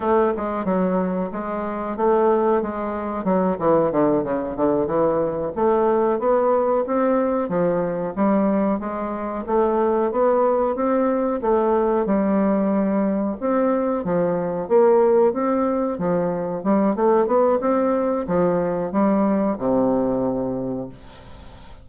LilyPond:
\new Staff \with { instrumentName = "bassoon" } { \time 4/4 \tempo 4 = 92 a8 gis8 fis4 gis4 a4 | gis4 fis8 e8 d8 cis8 d8 e8~ | e8 a4 b4 c'4 f8~ | f8 g4 gis4 a4 b8~ |
b8 c'4 a4 g4.~ | g8 c'4 f4 ais4 c'8~ | c'8 f4 g8 a8 b8 c'4 | f4 g4 c2 | }